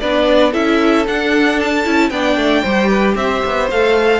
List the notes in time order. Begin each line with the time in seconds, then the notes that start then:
0.00 B3 D4 B4 D5
0.51 C#4 E4 A4 E5
1.07 D4 F#5
1.60 A5
1.84 C#4 E4
2.10 B3 D4 D5 G5
2.36 A3
2.63 G3 G4 C5
2.89 B4
3.15 C4 C5 E5
3.45 B3
3.71 A3 A4 F5